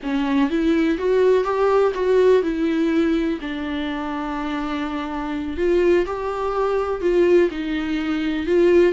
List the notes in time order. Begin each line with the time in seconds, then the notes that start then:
0.02 C#4
0.50 E4
0.98 F#4
1.44 G4
1.94 F#4
2.42 E4
3.40 D4
5.57 F4
6.05 G4
7.01 F4
7.50 D#4
8.46 F4